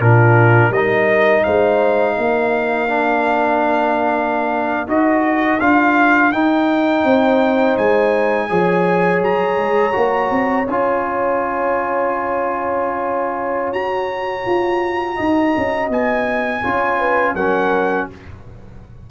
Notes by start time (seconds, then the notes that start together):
0.00 A#2 D4 F4 A#4
0.71 G3 D#4 A#4 D#5
1.44 G#3 C5 F5
2.17 A#3 A#4
2.89 D4
4.87 D#4 F#4 D#5
5.60 D4 F4 F5
6.33 D#4 G5
7.05 C4 C5
7.78 G#3 G#5
8.50 F3 G#4 C#5
9.22 F#3 A#5
9.58 G#3
9.93 A#3 F#4
10.31 C4
10.68 C#4 F4 G#5
13.73 F#4 A#5
14.47 F4
15.16 D#4 D#5
15.58 C#4
15.90 B3 G#5
16.63 C#4 F4 C#5
16.99 B4
17.35 F#3 C#4 A#4 F#5